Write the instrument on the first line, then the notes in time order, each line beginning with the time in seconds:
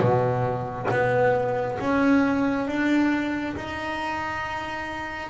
double bass
0.00 B2
0.90 B3
1.80 C#4
2.67 D4
3.56 D#4